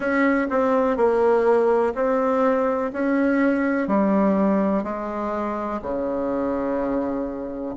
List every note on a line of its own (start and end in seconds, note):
0.00 0.48 C#4
0.50 0.97 C4
0.97 1.94 A#3
1.94 2.91 C4
2.93 3.87 C#4
3.87 4.83 G3
4.83 5.80 G#3
5.82 7.75 C#3